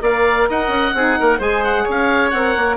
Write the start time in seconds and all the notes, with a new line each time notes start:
0.00 A#3 A#4 D5 F5
0.49 D#4 D#5 F#5
0.67 C#4
0.94 C4 D#4 G#4
1.19 A#3 A#4
1.38 G#3 G#4 C5 G#5
1.64 F#5
1.84 C#4 C#5
1.90 F5
2.30 C4 A#4 F#5
2.56 A#3